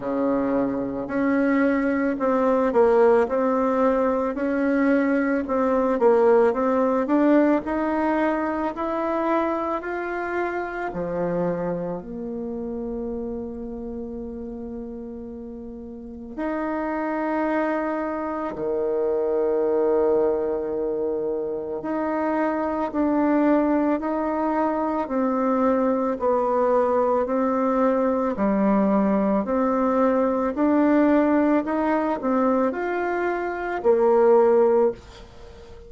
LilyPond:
\new Staff \with { instrumentName = "bassoon" } { \time 4/4 \tempo 4 = 55 cis4 cis'4 c'8 ais8 c'4 | cis'4 c'8 ais8 c'8 d'8 dis'4 | e'4 f'4 f4 ais4~ | ais2. dis'4~ |
dis'4 dis2. | dis'4 d'4 dis'4 c'4 | b4 c'4 g4 c'4 | d'4 dis'8 c'8 f'4 ais4 | }